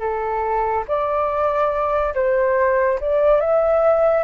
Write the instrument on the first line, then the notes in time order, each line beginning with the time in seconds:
flute
0.00 A4
0.88 D5
2.15 C5
3.00 D5
3.41 E5